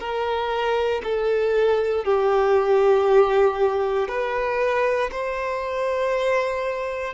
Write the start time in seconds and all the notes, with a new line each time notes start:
0.00 A#4
1.04 A4
2.05 G4
4.09 B4
5.12 C5